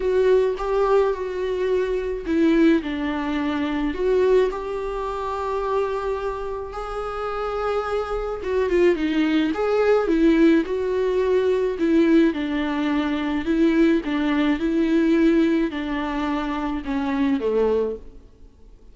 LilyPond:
\new Staff \with { instrumentName = "viola" } { \time 4/4 \tempo 4 = 107 fis'4 g'4 fis'2 | e'4 d'2 fis'4 | g'1 | gis'2. fis'8 f'8 |
dis'4 gis'4 e'4 fis'4~ | fis'4 e'4 d'2 | e'4 d'4 e'2 | d'2 cis'4 a4 | }